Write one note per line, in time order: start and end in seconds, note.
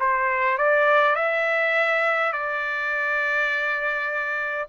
0.00 0.58 C5
0.58 1.16 D5
1.16 2.33 E5
2.33 4.68 D5